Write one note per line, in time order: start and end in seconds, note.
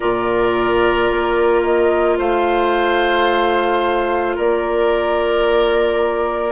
0.00 1.10 A#2
0.00 6.52 F4
0.00 2.18 A#4
0.00 1.62 D5
1.10 2.18 A#3
1.62 2.17 D#5
2.18 4.36 A3
2.18 4.35 C5
2.18 4.37 F5
4.35 6.52 A#3
4.35 6.52 A#4
4.35 6.52 D5